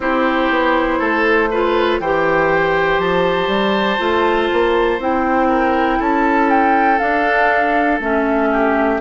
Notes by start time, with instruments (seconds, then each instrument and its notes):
0.00 bassoon C4, clarinet E4, oboe G4, flute C5
0.49 bassoon B3
0.99 bassoon A3, oboe A4
1.50 clarinet F4, oboe B4
1.99 bassoon E3, clarinet G4, oboe C5, flute G5
2.98 bassoon F3, flute A5
3.47 bassoon G3
3.98 bassoon A3, clarinet F4
4.52 bassoon A#3
4.99 bassoon C4, clarinet E4, flute G5
5.48 oboe A#4
5.98 bassoon C#4, oboe A4, flute A5
6.50 flute G5
6.98 clarinet D4, bassoon D4, flute F5
7.99 bassoon A3, clarinet C#4, flute E5
8.51 oboe G4